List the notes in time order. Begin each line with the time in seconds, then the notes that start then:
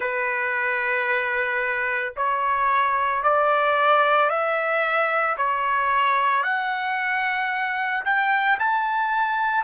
0.00 B4
2.16 C#5
3.23 D5
4.29 E5
5.37 C#5
6.43 F#5
8.04 G5
8.59 A5